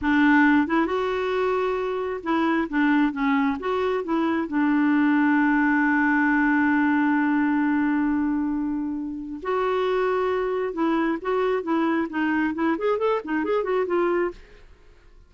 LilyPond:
\new Staff \with { instrumentName = "clarinet" } { \time 4/4 \tempo 4 = 134 d'4. e'8 fis'2~ | fis'4 e'4 d'4 cis'4 | fis'4 e'4 d'2~ | d'1~ |
d'1~ | d'4 fis'2. | e'4 fis'4 e'4 dis'4 | e'8 gis'8 a'8 dis'8 gis'8 fis'8 f'4 | }